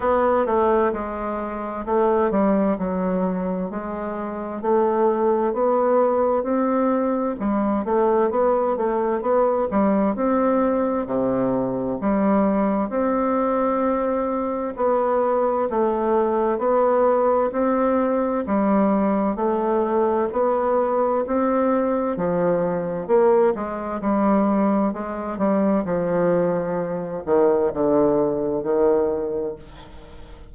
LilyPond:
\new Staff \with { instrumentName = "bassoon" } { \time 4/4 \tempo 4 = 65 b8 a8 gis4 a8 g8 fis4 | gis4 a4 b4 c'4 | g8 a8 b8 a8 b8 g8 c'4 | c4 g4 c'2 |
b4 a4 b4 c'4 | g4 a4 b4 c'4 | f4 ais8 gis8 g4 gis8 g8 | f4. dis8 d4 dis4 | }